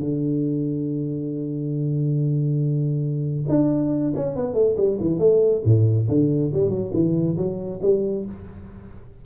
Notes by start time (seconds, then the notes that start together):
0.00 D3
3.49 D4
4.16 C#4
4.36 B3
4.54 A3
4.78 G3
5.01 E3
5.19 A3
5.65 A2
6.09 D3
6.54 G3
6.70 F#3
6.94 E3
7.38 F#3
7.82 G3